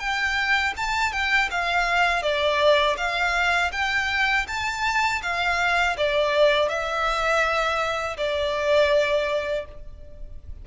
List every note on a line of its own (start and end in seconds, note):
0.00 0.74 G5
0.77 1.12 A5
1.12 1.49 G5
1.51 2.23 F5
2.23 2.97 D5
2.97 3.71 F5
3.72 4.46 G5
4.48 5.22 A5
5.23 5.97 F5
5.97 6.69 D5
6.69 8.17 E5
8.18 9.66 D5